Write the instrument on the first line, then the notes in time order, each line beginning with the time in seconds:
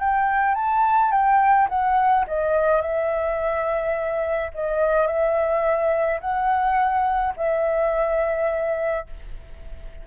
flute
0.00 G5
0.55 A5
1.11 G5
1.69 F#5
2.27 D#5
2.81 E5
4.54 D#5
5.07 E5
6.21 F#5
7.37 E5